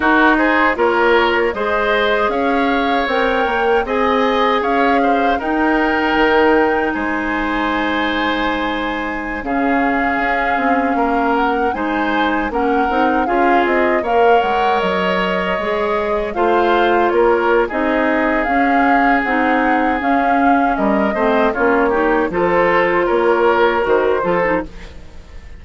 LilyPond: <<
  \new Staff \with { instrumentName = "flute" } { \time 4/4 \tempo 4 = 78 ais'8 c''8 cis''4 dis''4 f''4 | g''4 gis''4 f''4 g''4~ | g''4 gis''2.~ | gis''16 f''2~ f''8 fis''8 gis''8.~ |
gis''16 fis''4 f''8 dis''8 f''8 fis''8 dis''8.~ | dis''4~ dis''16 f''4 cis''8. dis''4 | f''4 fis''4 f''4 dis''4 | cis''4 c''4 cis''4 c''4 | }
  \new Staff \with { instrumentName = "oboe" } { \time 4/4 fis'8 gis'8 ais'4 c''4 cis''4~ | cis''4 dis''4 cis''8 c''8 ais'4~ | ais'4 c''2.~ | c''16 gis'2 ais'4 c''8.~ |
c''16 ais'4 gis'4 cis''4.~ cis''16~ | cis''4~ cis''16 c''4 ais'8. gis'4~ | gis'2. ais'8 c''8 | f'8 g'8 a'4 ais'4. a'8 | }
  \new Staff \with { instrumentName = "clarinet" } { \time 4/4 dis'4 f'4 gis'2 | ais'4 gis'2 dis'4~ | dis'1~ | dis'16 cis'2. dis'8.~ |
dis'16 cis'8 dis'8 f'4 ais'4.~ ais'16~ | ais'16 gis'4 f'4.~ f'16 dis'4 | cis'4 dis'4 cis'4. c'8 | cis'8 dis'8 f'2 fis'8 f'16 dis'16 | }
  \new Staff \with { instrumentName = "bassoon" } { \time 4/4 dis'4 ais4 gis4 cis'4 | c'8 ais8 c'4 cis'4 dis'4 | dis4 gis2.~ | gis16 cis4 cis'8 c'8 ais4 gis8.~ |
gis16 ais8 c'8 cis'8 c'8 ais8 gis8 fis8.~ | fis16 gis4 a4 ais8. c'4 | cis'4 c'4 cis'4 g8 a8 | ais4 f4 ais4 dis8 f8 | }
>>